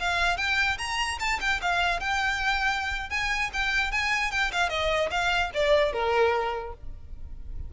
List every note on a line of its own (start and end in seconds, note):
0.00 0.38 F5
0.38 0.78 G5
0.78 1.18 A#5
1.20 1.40 A5
1.41 1.61 G5
1.62 2.00 F5
2.00 3.10 G5
3.10 3.51 G#5
3.53 3.92 G5
3.92 4.32 G#5
4.32 4.52 G5
4.52 4.69 F5
4.69 5.10 D#5
5.11 5.51 F5
5.54 5.93 D5
5.93 6.73 A#4